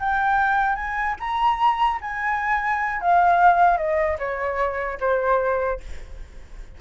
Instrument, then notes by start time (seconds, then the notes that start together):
flute
0.00 G5
0.76 G#5
1.20 A#5
2.01 G#5
3.01 F5
3.77 D#5
4.19 C#5
5.00 C5